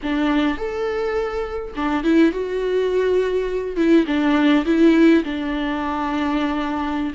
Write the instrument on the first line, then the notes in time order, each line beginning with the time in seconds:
viola
0.02 D4
0.57 A4
1.76 D4
2.03 E4
2.32 F#4
3.76 E4
4.06 D4
4.65 E4
5.24 D4